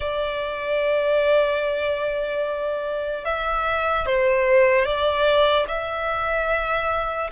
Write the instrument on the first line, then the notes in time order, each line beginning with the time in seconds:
violin
0.00 D5
3.24 E5
4.06 C5
4.85 D5
5.68 E5